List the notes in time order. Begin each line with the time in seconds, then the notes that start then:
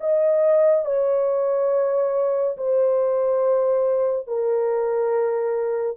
0.00 D#5
0.85 C#5
2.57 C5
4.27 A#4